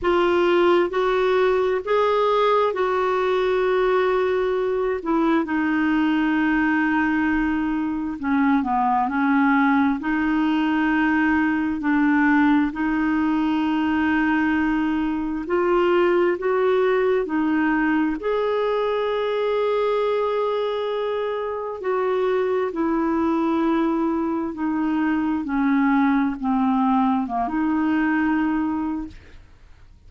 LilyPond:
\new Staff \with { instrumentName = "clarinet" } { \time 4/4 \tempo 4 = 66 f'4 fis'4 gis'4 fis'4~ | fis'4. e'8 dis'2~ | dis'4 cis'8 b8 cis'4 dis'4~ | dis'4 d'4 dis'2~ |
dis'4 f'4 fis'4 dis'4 | gis'1 | fis'4 e'2 dis'4 | cis'4 c'4 ais16 dis'4.~ dis'16 | }